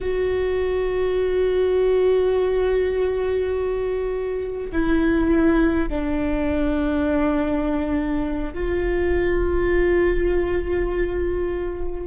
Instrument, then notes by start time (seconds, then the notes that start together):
viola
0.00 F#4
4.72 E4
5.88 D4
8.53 F4